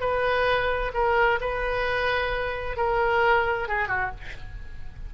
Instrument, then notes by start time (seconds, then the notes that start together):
oboe
0.00 B4
0.93 A#4
1.40 B4
2.76 A#4
3.68 G#4
3.88 F#4